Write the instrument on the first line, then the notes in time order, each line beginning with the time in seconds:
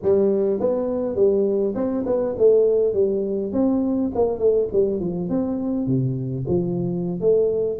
tuba
0.02 G3
0.60 B3
1.15 G3
1.75 C4
2.06 B3
2.38 A3
2.93 G3
3.52 C4
4.14 A#3
4.38 A3
4.72 G3
5.00 F3
5.29 C4
5.86 C3
6.47 F3
7.20 A3